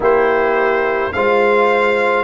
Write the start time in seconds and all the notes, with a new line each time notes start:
0.00 A#3 E4 G4 C5
1.12 G#3 F4 C5 F5